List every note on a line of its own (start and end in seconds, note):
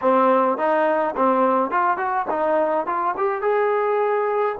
0.01 0.57 C4
0.57 1.14 D#4
1.16 1.71 C4
1.71 1.97 F4
1.97 2.25 F#4
2.30 2.86 D#4
2.86 3.15 F4
3.17 3.41 G4
3.41 4.56 G#4